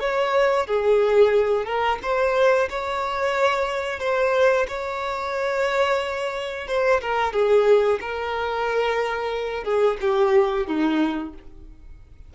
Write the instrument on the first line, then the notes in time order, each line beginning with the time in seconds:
violin
0.00 C#5
0.67 G#4
1.65 A#4
2.02 C5
2.69 C#5
4.00 C5
4.68 C#5
6.68 C5
7.01 A#4
7.32 G#4
8.01 A#4
9.64 G#4
10.01 G4
10.67 D#4